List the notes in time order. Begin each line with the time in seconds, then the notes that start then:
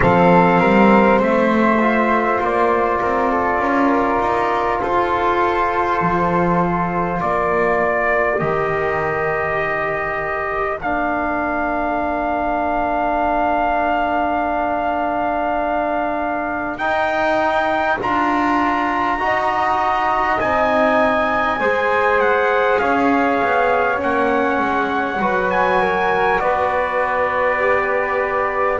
0.00 F3 C4 A4 F5
0.59 G3 A#4
1.19 A3 C5 E5
1.79 F4
2.40 A#3 D5
3.00 C4 A#4
3.31 A4
3.58 C#4 A#4
4.20 D#4
4.80 F4 A4 C5
6.01 F3
7.19 A#3 A#4 D5
8.38 D#3 G4 D#5
10.79 A#3 D4 F5
16.77 D#4 G5
18.00 D4 F4 A#5
19.18 D#4 F#4 D#5
20.39 C4 D#4 G#5
21.59 G#3 G#4 C5
22.20 F#5
22.79 C#4 C#5 F5
23.42 B3
23.96 A#3 C#4
24.03 F#5
24.59 G#3
25.19 F#3 F#4 B4
25.50 G#5
25.81 A#4
26.39 B3 B4 D5
27.59 G4